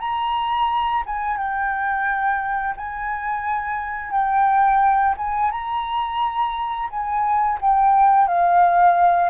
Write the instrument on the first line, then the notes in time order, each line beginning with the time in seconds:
flute
0.00 A#5
1.06 G#5
1.37 G5
2.77 G#5
4.12 G5
5.18 G#5
5.52 A#5
6.90 G#5
7.62 G5
8.28 F5